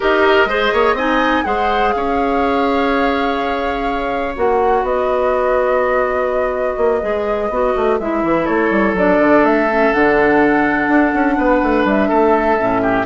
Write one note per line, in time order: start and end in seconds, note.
0.00 0.45 D#4
0.00 0.48 G4
0.00 0.48 A#4
0.00 0.98 D#5
0.45 0.69 G#3
0.45 0.97 G#4
0.45 0.73 C5
0.73 0.93 A#3
0.73 0.95 C#5
0.93 1.42 C4
0.93 1.44 D#4
0.93 1.44 D#5
0.93 1.44 G#5
1.44 1.94 G#3
1.44 4.34 G#4
1.44 1.94 C5
1.44 1.92 F#5
1.92 4.37 C#4
1.92 4.84 C#5
1.92 4.34 F5
4.36 4.82 A#3
4.36 7.01 F#4
4.36 4.85 F#5
4.82 6.75 B3
4.82 8.44 B4
4.82 7.99 D#5
6.77 7.01 A#3
7.01 7.49 G#3
7.01 7.49 G#4
7.49 7.73 B3
7.49 8.00 F#4
7.75 7.99 A3
7.99 8.23 G#3
7.99 8.96 E4
7.99 8.46 E5
8.23 8.47 E3
8.44 8.70 A3
8.44 11.34 A4
8.44 8.94 C#5
8.70 8.93 G3
8.93 9.17 F#3
8.93 9.69 D4
8.93 9.44 D5
9.19 9.42 D3
9.42 9.91 A3
9.42 9.93 E5
9.69 9.93 C#4
9.93 10.87 D3
9.93 12.58 D4
9.93 11.86 F#5
10.87 11.12 D4
11.13 11.37 C#4
11.37 11.61 B3
11.37 12.08 B4
11.62 11.84 A3
11.84 12.08 G3
11.84 13.06 E5
12.08 12.59 A3
12.08 12.81 A4
12.58 13.06 A2
12.58 13.06 C#4
12.81 13.06 G4